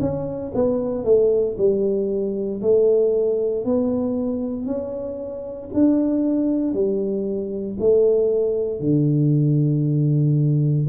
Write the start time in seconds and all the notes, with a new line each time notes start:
0.00 C#4
0.54 B3
1.04 A3
1.58 G3
2.61 A3
3.64 B3
4.66 C#4
5.73 D4
6.73 G3
7.79 A3
8.80 D3